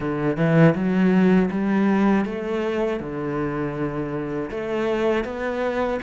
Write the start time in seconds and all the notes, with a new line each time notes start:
0.00 D3
0.36 E3
0.74 F#3
1.50 G3
2.25 A3
3.00 D3
4.50 A3
5.24 B3